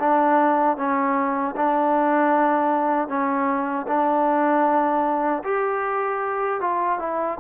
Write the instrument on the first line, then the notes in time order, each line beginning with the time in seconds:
trombone
0.00 D4
0.77 C#4
1.56 D4
3.09 C#4
3.87 D4
5.44 G4
6.61 F4
6.99 E4